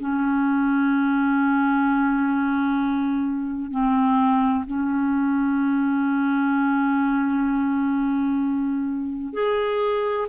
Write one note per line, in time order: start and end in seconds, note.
0.00 3.71 C#4
3.71 4.65 C4
4.67 9.34 C#4
9.34 10.27 G#4